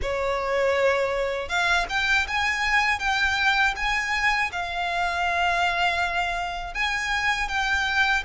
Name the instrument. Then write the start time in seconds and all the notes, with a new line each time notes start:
violin
0.01 C#5
1.48 F5
1.89 G5
2.27 G#5
2.99 G5
3.75 G#5
4.51 F5
6.74 G#5
7.48 G5